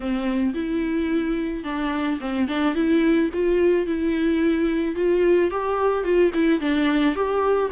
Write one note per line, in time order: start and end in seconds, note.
0.00 0.53 C4
0.54 1.64 E4
1.64 2.19 D4
2.20 2.47 C4
2.48 2.74 D4
2.74 3.30 E4
3.33 3.86 F4
3.86 4.95 E4
4.95 5.50 F4
5.50 6.04 G4
6.04 6.31 F4
6.34 6.60 E4
6.60 7.15 D4
7.15 7.70 G4